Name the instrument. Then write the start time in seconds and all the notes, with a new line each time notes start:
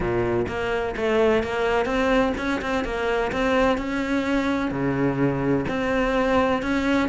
cello
0.00 A#2
0.48 A#3
0.96 A3
1.43 A#3
1.85 C4
2.37 C#4
2.61 C4
2.84 A#3
3.32 C4
3.77 C#4
4.71 C#3
5.68 C4
6.62 C#4